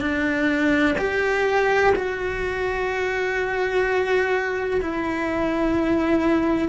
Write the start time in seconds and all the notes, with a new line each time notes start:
0.00 D4
0.98 G4
1.95 F#4
4.81 E4